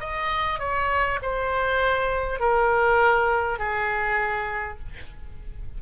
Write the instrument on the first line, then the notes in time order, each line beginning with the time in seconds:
oboe
0.00 D#5
0.59 C#5
1.22 C5
2.39 A#4
3.58 G#4